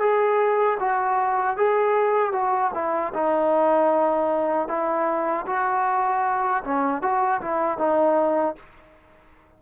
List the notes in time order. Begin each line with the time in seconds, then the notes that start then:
0.00 G#4
0.79 F#4
1.57 G#4
2.32 F#4
2.74 E4
3.14 D#4
4.68 E4
5.46 F#4
6.64 C#4
7.02 F#4
7.41 E4
7.78 D#4